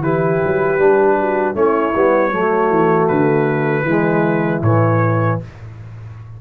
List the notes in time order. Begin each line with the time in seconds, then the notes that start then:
0.00 E3 E4 G4 B4
0.45 F#3
0.79 G3 D4
1.19 F#4
1.54 A3 C#4 E4 C#5
1.95 G3 B3
2.31 F#3 A3 F#4
2.70 E3
3.08 D3 B4
3.83 E3 G#3 E4
4.62 A2 E3 C#5